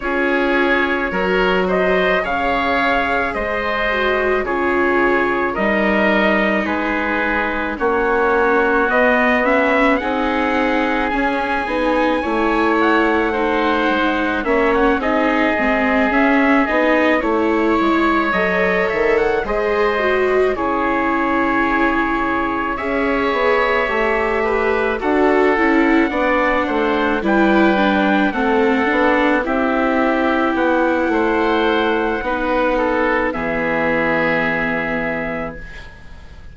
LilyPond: <<
  \new Staff \with { instrumentName = "trumpet" } { \time 4/4 \tempo 4 = 54 cis''4. dis''8 f''4 dis''4 | cis''4 dis''4 b'4 cis''4 | dis''8 e''8 fis''4 gis''4. fis''8~ | fis''4 e''16 fis''16 dis''4 e''8 dis''8 cis''8~ |
cis''8 dis''8 e''16 fis''16 dis''4 cis''4.~ | cis''8 e''2 fis''4.~ | fis''8 g''4 fis''4 e''4 fis''8~ | fis''2 e''2 | }
  \new Staff \with { instrumentName = "oboe" } { \time 4/4 gis'4 ais'8 c''8 cis''4 c''4 | gis'4 ais'4 gis'4 fis'4~ | fis'4 gis'2 cis''4 | c''4 cis''8 gis'2 cis''8~ |
cis''4. c''4 gis'4.~ | gis'8 cis''4. b'8 a'4 d''8 | c''8 b'4 a'4 g'4. | c''4 b'8 a'8 gis'2 | }
  \new Staff \with { instrumentName = "viola" } { \time 4/4 f'4 fis'4 gis'4. fis'8 | f'4 dis'2 cis'4 | b8 cis'8 dis'4 cis'8 dis'8 e'4 | dis'4 cis'8 dis'8 c'8 cis'8 dis'8 e'8~ |
e'8 a'4 gis'8 fis'8 e'4.~ | e'8 gis'4 g'4 fis'8 e'8 d'8~ | d'8 e'8 d'8 c'8 d'8 e'4.~ | e'4 dis'4 b2 | }
  \new Staff \with { instrumentName = "bassoon" } { \time 4/4 cis'4 fis4 cis4 gis4 | cis4 g4 gis4 ais4 | b4 c'4 cis'8 b8 a4~ | a8 gis8 ais8 c'8 gis8 cis'8 b8 a8 |
gis8 fis8 dis8 gis4 cis4.~ | cis8 cis'8 b8 a4 d'8 cis'8 b8 | a8 g4 a8 b8 c'4 b8 | a4 b4 e2 | }
>>